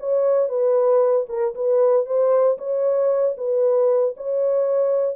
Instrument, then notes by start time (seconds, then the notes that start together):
horn
0.00 C#5
0.49 B4
1.29 A#4
1.55 B4
2.06 C5
2.58 C#5
3.37 B4
4.17 C#5